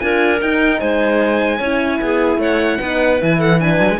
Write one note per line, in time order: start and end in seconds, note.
0.00 0.42 D4
0.00 0.40 F4
0.00 0.80 A#4
0.00 0.40 G#5
0.41 1.61 D#4
0.41 0.81 D#4
0.41 0.80 G5
0.80 1.60 G#3
0.80 1.59 C5
0.80 2.40 G#5
1.59 2.00 C#4
1.59 2.82 E4
1.59 1.99 C#5
2.02 2.38 B3
2.02 2.40 G#4
2.38 2.78 A3
2.38 2.80 C#5
2.38 3.22 F#5
2.80 3.22 B3
2.80 3.19 D#4
2.80 3.39 B4
3.19 3.81 E3
3.19 3.59 E4
3.19 3.41 G#5
3.39 3.59 A4
3.39 3.60 F#5
3.59 3.99 D4
3.59 4.00 B4
3.59 4.00 G#5
3.81 3.90 F#3
3.90 4.00 G#3